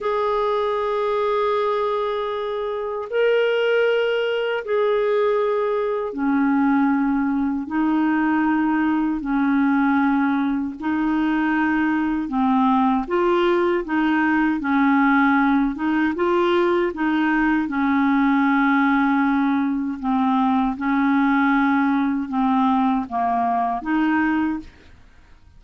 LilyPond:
\new Staff \with { instrumentName = "clarinet" } { \time 4/4 \tempo 4 = 78 gis'1 | ais'2 gis'2 | cis'2 dis'2 | cis'2 dis'2 |
c'4 f'4 dis'4 cis'4~ | cis'8 dis'8 f'4 dis'4 cis'4~ | cis'2 c'4 cis'4~ | cis'4 c'4 ais4 dis'4 | }